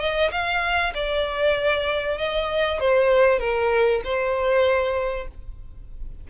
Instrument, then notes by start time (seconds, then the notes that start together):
violin
0.00 D#5
0.31 F5
0.94 D5
2.18 D#5
2.80 C5
3.40 A#4
4.04 C5